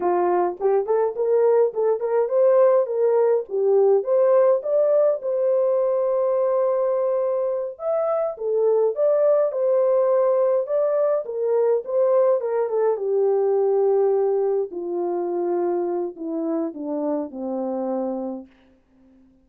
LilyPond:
\new Staff \with { instrumentName = "horn" } { \time 4/4 \tempo 4 = 104 f'4 g'8 a'8 ais'4 a'8 ais'8 | c''4 ais'4 g'4 c''4 | d''4 c''2.~ | c''4. e''4 a'4 d''8~ |
d''8 c''2 d''4 ais'8~ | ais'8 c''4 ais'8 a'8 g'4.~ | g'4. f'2~ f'8 | e'4 d'4 c'2 | }